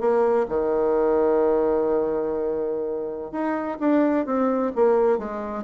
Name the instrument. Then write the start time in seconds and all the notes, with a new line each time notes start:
bassoon
0.00 A#3
0.48 D#3
3.31 D#4
3.80 D4
4.26 C4
4.75 A#3
5.18 G#3